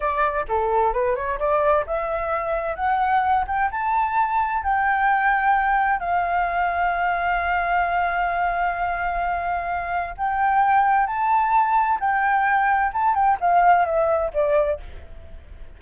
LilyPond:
\new Staff \with { instrumentName = "flute" } { \time 4/4 \tempo 4 = 130 d''4 a'4 b'8 cis''8 d''4 | e''2 fis''4. g''8 | a''2 g''2~ | g''4 f''2.~ |
f''1~ | f''2 g''2 | a''2 g''2 | a''8 g''8 f''4 e''4 d''4 | }